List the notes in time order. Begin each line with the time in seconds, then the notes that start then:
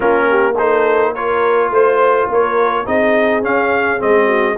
0.00 A#3 C#4 F4 A#4
0.29 G4
0.58 D#4 A4 C5
1.12 F4 A#4 C#5
1.69 A3 C5
2.27 A#3 A#4 C#5
2.85 C4 D#4 G#4 D#5
3.42 C#4 F5
3.98 G#3 C4 D#5
4.25 F#4